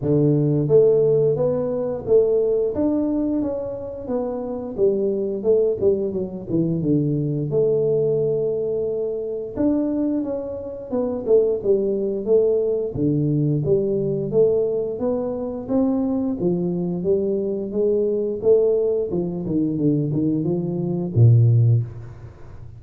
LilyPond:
\new Staff \with { instrumentName = "tuba" } { \time 4/4 \tempo 4 = 88 d4 a4 b4 a4 | d'4 cis'4 b4 g4 | a8 g8 fis8 e8 d4 a4~ | a2 d'4 cis'4 |
b8 a8 g4 a4 d4 | g4 a4 b4 c'4 | f4 g4 gis4 a4 | f8 dis8 d8 dis8 f4 ais,4 | }